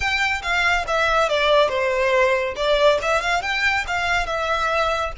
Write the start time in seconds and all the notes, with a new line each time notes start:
0.00 G5
0.42 F5
0.87 E5
1.29 D5
1.68 C5
2.56 D5
3.02 E5
3.21 F5
3.42 G5
3.87 F5
4.26 E5